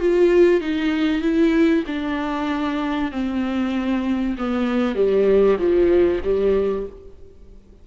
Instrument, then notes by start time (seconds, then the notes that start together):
viola
0.00 F4
0.61 D#4
1.22 E4
1.87 D4
3.12 C4
4.38 B3
4.96 G3
5.59 F3
6.24 G3